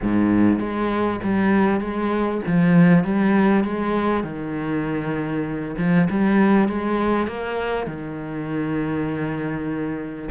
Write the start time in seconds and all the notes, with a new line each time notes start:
0.02 G#2
0.59 G#3
1.23 G3
1.80 G#3
2.46 F3
3.04 G3
3.64 G#3
4.23 D#3
5.78 F3
6.10 G3
6.68 G#3
7.27 A#3
7.86 D#3